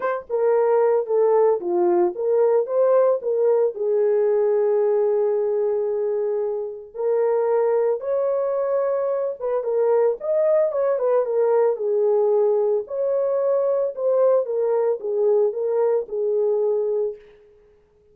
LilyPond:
\new Staff \with { instrumentName = "horn" } { \time 4/4 \tempo 4 = 112 c''8 ais'4. a'4 f'4 | ais'4 c''4 ais'4 gis'4~ | gis'1~ | gis'4 ais'2 cis''4~ |
cis''4. b'8 ais'4 dis''4 | cis''8 b'8 ais'4 gis'2 | cis''2 c''4 ais'4 | gis'4 ais'4 gis'2 | }